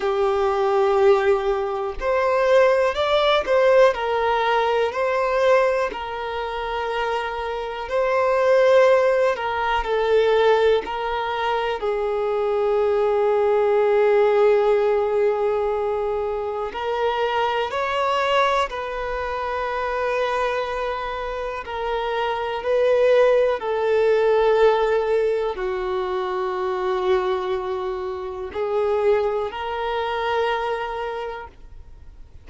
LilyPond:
\new Staff \with { instrumentName = "violin" } { \time 4/4 \tempo 4 = 61 g'2 c''4 d''8 c''8 | ais'4 c''4 ais'2 | c''4. ais'8 a'4 ais'4 | gis'1~ |
gis'4 ais'4 cis''4 b'4~ | b'2 ais'4 b'4 | a'2 fis'2~ | fis'4 gis'4 ais'2 | }